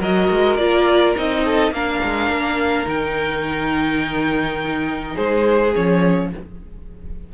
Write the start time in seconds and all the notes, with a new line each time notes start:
0.00 F#3 F#4 A#4 D#5
0.31 G#3
0.57 A#3 F4 D5
1.16 C4 D#4 D#5
1.45 A4
1.72 A#3 D4 A#4 F5
2.05 G#3
2.30 A#3
2.86 D#3 D#4 G5
5.15 G#3 G#4 C5
5.75 F3 C#4 C#5